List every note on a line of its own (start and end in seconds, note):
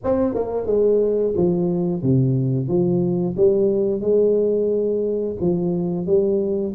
0.04 0.34 C4
0.34 0.66 A#3
0.66 1.33 G#3
1.36 2.02 F3
2.02 2.68 C3
2.68 3.35 F3
3.36 4.01 G3
4.01 5.35 G#3
5.41 6.06 F3
6.06 6.74 G3